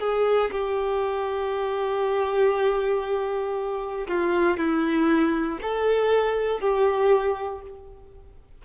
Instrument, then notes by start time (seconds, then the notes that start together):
violin
0.00 G#4
0.52 G4
4.08 F4
4.58 E4
5.62 A4
6.61 G4